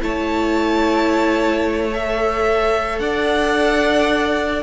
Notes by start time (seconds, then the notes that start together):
0.00 A3 E4 C#5 A5
1.92 A4 E5
2.99 D4 D5 F#5